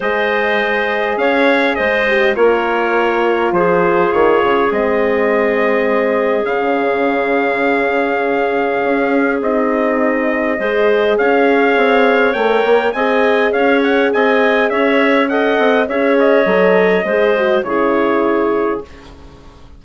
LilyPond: <<
  \new Staff \with { instrumentName = "trumpet" } { \time 4/4 \tempo 4 = 102 dis''2 f''4 dis''4 | cis''2 c''4 cis''4 | dis''2. f''4~ | f''1 |
dis''2. f''4~ | f''4 g''4 gis''4 f''8 fis''8 | gis''4 e''4 fis''4 e''8 dis''8~ | dis''2 cis''2 | }
  \new Staff \with { instrumentName = "clarinet" } { \time 4/4 c''2 cis''4 c''4 | ais'2 gis'2~ | gis'1~ | gis'1~ |
gis'2 c''4 cis''4~ | cis''2 dis''4 cis''4 | dis''4 cis''4 dis''4 cis''4~ | cis''4 c''4 gis'2 | }
  \new Staff \with { instrumentName = "horn" } { \time 4/4 gis'2.~ gis'8 g'8 | f'1 | c'2. cis'4~ | cis'1 |
dis'2 gis'2~ | gis'4 ais'4 gis'2~ | gis'2 a'4 gis'4 | a'4 gis'8 fis'8 e'2 | }
  \new Staff \with { instrumentName = "bassoon" } { \time 4/4 gis2 cis'4 gis4 | ais2 f4 dis8 cis8 | gis2. cis4~ | cis2. cis'4 |
c'2 gis4 cis'4 | c'4 a8 ais8 c'4 cis'4 | c'4 cis'4. c'8 cis'4 | fis4 gis4 cis2 | }
>>